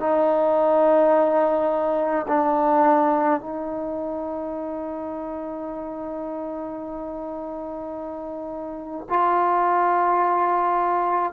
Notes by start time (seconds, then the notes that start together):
0.00 D#4
2.28 D4
3.41 D#4
9.10 F4